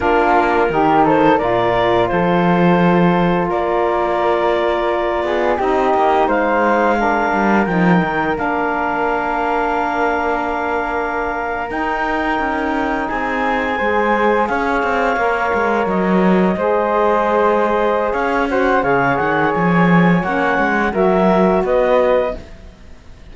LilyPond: <<
  \new Staff \with { instrumentName = "clarinet" } { \time 4/4 \tempo 4 = 86 ais'4. c''8 d''4 c''4~ | c''4 d''2. | dis''4 f''2 g''4 | f''1~ |
f''8. g''2 gis''4~ gis''16~ | gis''8. f''2 dis''4~ dis''16~ | dis''2 f''8 fis''8 f''8 fis''8 | gis''4 fis''4 e''4 dis''4 | }
  \new Staff \with { instrumentName = "flute" } { \time 4/4 f'4 g'8 a'8 ais'4 a'4~ | a'4 ais'2~ ais'8 gis'8 | g'4 c''4 ais'2~ | ais'1~ |
ais'2~ ais'8. gis'4 c''16~ | c''8. cis''2. c''16~ | c''2 cis''8 c''8 cis''4~ | cis''2 ais'4 b'4 | }
  \new Staff \with { instrumentName = "saxophone" } { \time 4/4 d'4 dis'4 f'2~ | f'1 | dis'2 d'4 dis'4 | d'1~ |
d'8. dis'2. gis'16~ | gis'4.~ gis'16 ais'2 gis'16~ | gis'2~ gis'8 fis'8 gis'4~ | gis'4 cis'4 fis'2 | }
  \new Staff \with { instrumentName = "cello" } { \time 4/4 ais4 dis4 ais,4 f4~ | f4 ais2~ ais8 b8 | c'8 ais8 gis4. g8 f8 dis8 | ais1~ |
ais8. dis'4 cis'4 c'4 gis16~ | gis8. cis'8 c'8 ais8 gis8 fis4 gis16~ | gis2 cis'4 cis8 dis8 | f4 ais8 gis8 fis4 b4 | }
>>